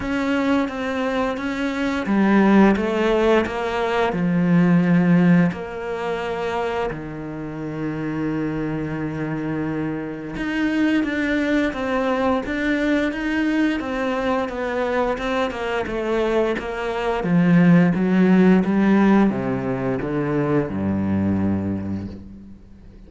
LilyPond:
\new Staff \with { instrumentName = "cello" } { \time 4/4 \tempo 4 = 87 cis'4 c'4 cis'4 g4 | a4 ais4 f2 | ais2 dis2~ | dis2. dis'4 |
d'4 c'4 d'4 dis'4 | c'4 b4 c'8 ais8 a4 | ais4 f4 fis4 g4 | c4 d4 g,2 | }